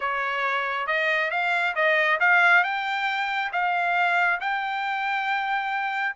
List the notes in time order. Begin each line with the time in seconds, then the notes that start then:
0.00 C#5
0.86 D#5
1.30 F5
1.75 D#5
2.19 F5
2.63 G5
3.52 F5
4.40 G5